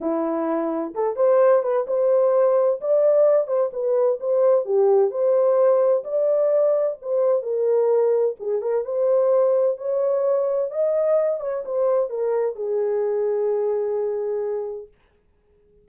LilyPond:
\new Staff \with { instrumentName = "horn" } { \time 4/4 \tempo 4 = 129 e'2 a'8 c''4 b'8 | c''2 d''4. c''8 | b'4 c''4 g'4 c''4~ | c''4 d''2 c''4 |
ais'2 gis'8 ais'8 c''4~ | c''4 cis''2 dis''4~ | dis''8 cis''8 c''4 ais'4 gis'4~ | gis'1 | }